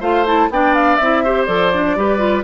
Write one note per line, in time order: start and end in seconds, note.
0.00 0.49 A3
0.00 0.25 F4
0.00 0.48 C5
0.00 0.26 F5
0.26 0.50 E4
0.26 0.51 A5
0.49 0.98 B3
0.49 1.00 D4
0.49 1.24 D5
0.49 0.75 G5
0.75 0.96 F5
0.96 1.48 C4
0.96 1.25 E4
0.96 1.44 E5
1.24 1.47 G4
1.24 1.96 C5
1.45 1.96 F3
1.45 1.72 A4
1.45 2.42 D5
1.73 1.97 D4
1.96 2.44 G3
1.96 2.18 G4
1.96 2.44 B4
2.18 2.42 F4